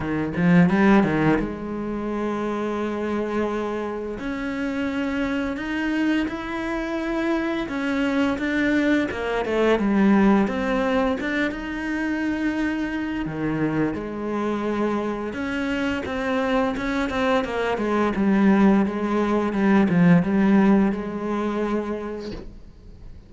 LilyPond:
\new Staff \with { instrumentName = "cello" } { \time 4/4 \tempo 4 = 86 dis8 f8 g8 dis8 gis2~ | gis2 cis'2 | dis'4 e'2 cis'4 | d'4 ais8 a8 g4 c'4 |
d'8 dis'2~ dis'8 dis4 | gis2 cis'4 c'4 | cis'8 c'8 ais8 gis8 g4 gis4 | g8 f8 g4 gis2 | }